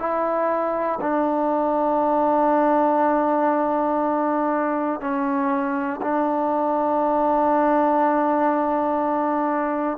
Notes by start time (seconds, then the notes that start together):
0.00 E4
1.01 D4
5.01 C#4
6.02 D4